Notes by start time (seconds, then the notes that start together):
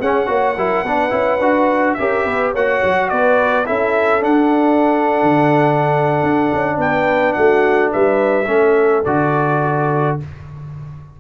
0.00 C#4 G#4 F#5
0.26 A#3 F#4 C#5
0.57 F#3 E4 A#4
0.83 B3 D4 B4
1.10 C#4 E4
1.40 D4 F#4
1.94 C#4 G4 A#4 E5
2.24 B3 B4
2.52 A#3 F#4 C#5 F#5
2.83 F#3
3.09 B3 B4 D5
3.65 C#4 E4 A4 E5
4.20 D4 F#5
5.22 D3
6.23 D4
6.53 C#4
6.78 B3 B4 G5
7.33 A3 F#4 F#5
7.92 G3 B4 E5
8.47 A3 C#4 A4
9.04 D3 F#4 D5